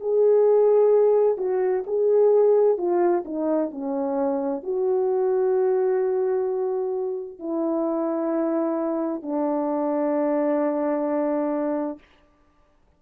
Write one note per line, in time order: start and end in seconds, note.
0.00 1.38 G#4
1.38 1.84 F#4
1.86 2.78 G#4
2.78 3.24 F4
3.25 3.71 D#4
3.71 4.63 C#4
4.63 7.39 F#4
7.39 9.22 E4
9.22 11.99 D4